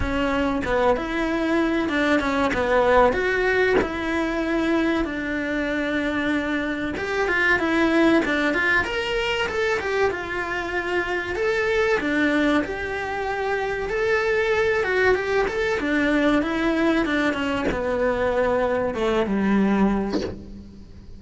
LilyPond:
\new Staff \with { instrumentName = "cello" } { \time 4/4 \tempo 4 = 95 cis'4 b8 e'4. d'8 cis'8 | b4 fis'4 e'2 | d'2. g'8 f'8 | e'4 d'8 f'8 ais'4 a'8 g'8 |
f'2 a'4 d'4 | g'2 a'4. fis'8 | g'8 a'8 d'4 e'4 d'8 cis'8 | b2 a8 g4. | }